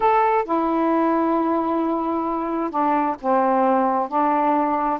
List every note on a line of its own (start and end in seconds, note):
0.00 0.44 A4
0.44 2.70 E4
2.70 3.16 D4
3.20 4.08 C4
4.08 4.99 D4